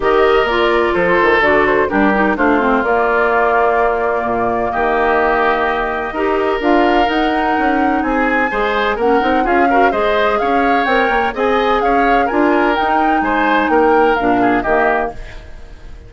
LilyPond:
<<
  \new Staff \with { instrumentName = "flute" } { \time 4/4 \tempo 4 = 127 dis''4 d''4 c''4 d''8 c''8 | ais'4 c''4 d''2~ | d''2 dis''2~ | dis''2 f''4 fis''4~ |
fis''4 gis''2 fis''4 | f''4 dis''4 f''4 g''4 | gis''4 f''4 gis''4 g''4 | gis''4 g''4 f''4 dis''4 | }
  \new Staff \with { instrumentName = "oboe" } { \time 4/4 ais'2 a'2 | g'4 f'2.~ | f'2 g'2~ | g'4 ais'2.~ |
ais'4 gis'4 c''4 ais'4 | gis'8 ais'8 c''4 cis''2 | dis''4 cis''4 ais'2 | c''4 ais'4. gis'8 g'4 | }
  \new Staff \with { instrumentName = "clarinet" } { \time 4/4 g'4 f'2 fis'4 | d'8 dis'8 d'8 c'8 ais2~ | ais1~ | ais4 g'4 f'4 dis'4~ |
dis'2 gis'4 cis'8 dis'8 | f'8 fis'8 gis'2 ais'4 | gis'2 f'4 dis'4~ | dis'2 d'4 ais4 | }
  \new Staff \with { instrumentName = "bassoon" } { \time 4/4 dis4 ais4 f8 dis8 d4 | g4 a4 ais2~ | ais4 ais,4 dis2~ | dis4 dis'4 d'4 dis'4 |
cis'4 c'4 gis4 ais8 c'8 | cis'4 gis4 cis'4 c'8 ais8 | c'4 cis'4 d'4 dis'4 | gis4 ais4 ais,4 dis4 | }
>>